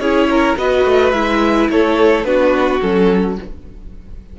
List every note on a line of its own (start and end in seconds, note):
0.00 0.56 C#4
0.00 0.59 E4
0.00 0.29 G#4
0.00 0.56 C#5
0.31 0.59 A#4
0.58 0.85 B3
0.58 1.14 F#4
0.58 1.71 B4
0.58 1.12 D#5
0.85 1.13 A3
1.12 1.69 G#3
1.12 2.25 E4
1.12 1.68 E5
1.70 2.25 A3
1.70 2.27 A4
1.70 2.25 C#5
2.25 2.81 B3
2.25 2.81 D4
2.25 3.39 F#4
2.25 2.81 B4
2.81 3.39 F#3
2.81 3.39 C#4
2.81 3.37 A4